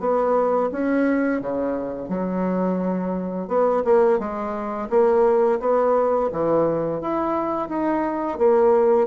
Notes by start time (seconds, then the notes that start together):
0.00 B3
0.72 C#4
1.41 C#3
2.09 F#3
3.48 B3
3.85 A#3
4.19 G#3
4.90 A#3
5.60 B3
6.32 E3
7.01 E4
7.69 D#4
8.38 A#3